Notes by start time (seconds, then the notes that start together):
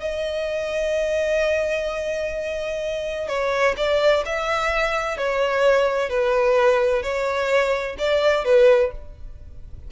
0.00 D#5
3.28 C#5
3.77 D5
4.25 E5
5.17 C#5
6.09 B4
7.02 C#5
7.98 D5
8.45 B4